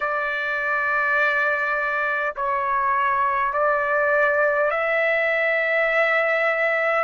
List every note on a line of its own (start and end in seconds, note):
0.00 2.35 D5
2.36 3.53 C#5
3.53 4.71 D5
4.71 7.04 E5